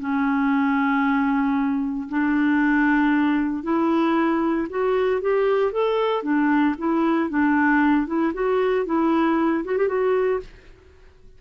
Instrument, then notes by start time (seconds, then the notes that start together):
clarinet
0.00 C#4
2.09 D4
3.64 E4
4.70 F#4
5.22 G4
5.72 A4
6.23 D4
6.78 E4
7.30 D4
8.07 E4
8.34 F#4
8.86 E4
9.65 F#4
9.78 G4
9.88 F#4